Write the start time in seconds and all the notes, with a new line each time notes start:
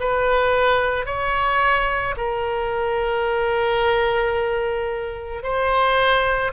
0.00 B4
1.06 C#5
2.17 A#4
5.43 C5